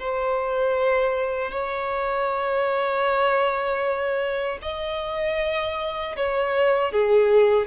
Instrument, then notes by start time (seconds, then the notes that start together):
violin
0.00 C5
1.51 C#5
4.62 D#5
6.17 C#5
6.92 G#4